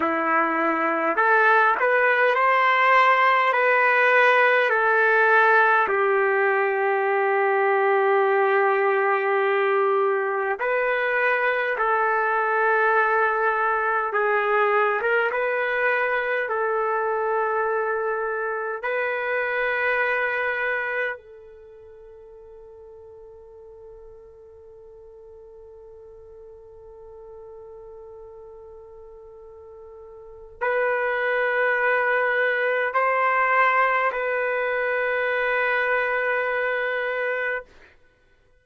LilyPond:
\new Staff \with { instrumentName = "trumpet" } { \time 4/4 \tempo 4 = 51 e'4 a'8 b'8 c''4 b'4 | a'4 g'2.~ | g'4 b'4 a'2 | gis'8. ais'16 b'4 a'2 |
b'2 a'2~ | a'1~ | a'2 b'2 | c''4 b'2. | }